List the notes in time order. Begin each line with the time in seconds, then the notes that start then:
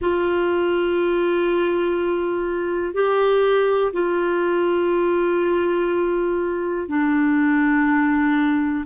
0.00 F4
2.93 G4
3.93 F4
6.88 D4